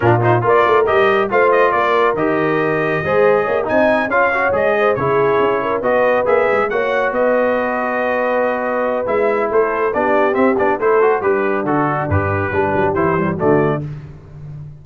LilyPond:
<<
  \new Staff \with { instrumentName = "trumpet" } { \time 4/4 \tempo 4 = 139 ais'8 c''8 d''4 dis''4 f''8 dis''8 | d''4 dis''2.~ | dis''8 gis''4 f''4 dis''4 cis''8~ | cis''4. dis''4 e''4 fis''8~ |
fis''8 dis''2.~ dis''8~ | dis''4 e''4 c''4 d''4 | e''8 d''8 c''4 b'4 a'4 | b'2 c''4 d''4 | }
  \new Staff \with { instrumentName = "horn" } { \time 4/4 f'4 ais'2 c''4 | ais'2. c''4 | cis''8 dis''4 cis''4. c''8 gis'8~ | gis'4 ais'8 b'2 cis''8~ |
cis''8 b'2.~ b'8~ | b'2 a'4 g'4~ | g'4 a'4 d'2~ | d'4 g'2 fis'4 | }
  \new Staff \with { instrumentName = "trombone" } { \time 4/4 d'8 dis'8 f'4 g'4 f'4~ | f'4 g'2 gis'4~ | gis'8 dis'4 f'8 fis'8 gis'4 e'8~ | e'4. fis'4 gis'4 fis'8~ |
fis'1~ | fis'4 e'2 d'4 | c'8 d'8 e'8 fis'8 g'4 fis'4 | g'4 d'4 e'8 g8 a4 | }
  \new Staff \with { instrumentName = "tuba" } { \time 4/4 ais,4 ais8 a8 g4 a4 | ais4 dis2 gis4 | ais8 c'4 cis'4 gis4 cis8~ | cis8 cis'4 b4 ais8 gis8 ais8~ |
ais8 b2.~ b8~ | b4 gis4 a4 b4 | c'8 b8 a4 g4 d4 | g,4 g8 fis8 e4 d4 | }
>>